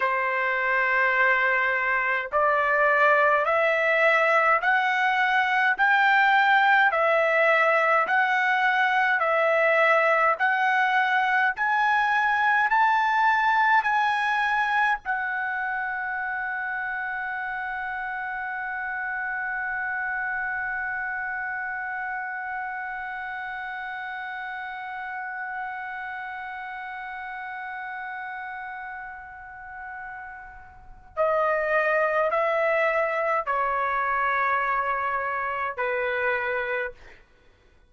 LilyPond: \new Staff \with { instrumentName = "trumpet" } { \time 4/4 \tempo 4 = 52 c''2 d''4 e''4 | fis''4 g''4 e''4 fis''4 | e''4 fis''4 gis''4 a''4 | gis''4 fis''2.~ |
fis''1~ | fis''1~ | fis''2. dis''4 | e''4 cis''2 b'4 | }